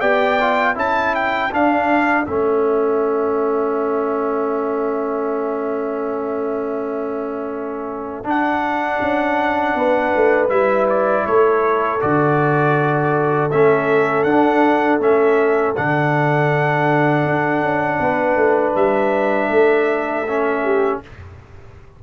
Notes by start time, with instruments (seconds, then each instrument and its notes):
0.00 tuba B3, trombone G4, horn D5, trumpet G5
0.41 trombone F4
0.75 tuba C#4, trombone E4, horn A4, trumpet A5
1.15 trumpet G5
1.52 trombone D4, tuba D4, trumpet F5
2.26 tuba A3, trombone C#4, trumpet E5
8.24 tuba D4, trombone D4, trumpet F#5
9.01 tuba C#4
9.75 tuba B3, horn B4
10.16 tuba A3
10.49 tuba G3, trombone E4, trumpet E5
10.89 trumpet D5
11.26 tuba A3, horn A4, trumpet C#5
12.00 tuba D3, trombone F#4, trumpet D5
13.51 tuba A3, trombone C#4, trumpet E5
14.24 tuba D4, trombone D4, trumpet F#5
14.99 tuba A3, trombone C#4, trumpet E5
15.76 tuba D3, trombone D4, trumpet F#5
17.25 tuba D4
17.62 tuba C#4
18.00 tuba B3, horn B4
18.36 tuba A3
18.75 tuba G3, trumpet E5
19.49 tuba A3, horn A4
20.28 trombone C#4
20.64 horn G4